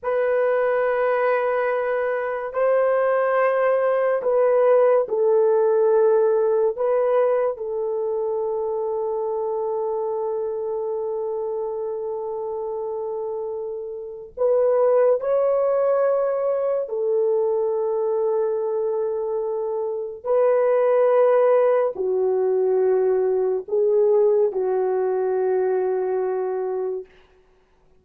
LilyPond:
\new Staff \with { instrumentName = "horn" } { \time 4/4 \tempo 4 = 71 b'2. c''4~ | c''4 b'4 a'2 | b'4 a'2.~ | a'1~ |
a'4 b'4 cis''2 | a'1 | b'2 fis'2 | gis'4 fis'2. | }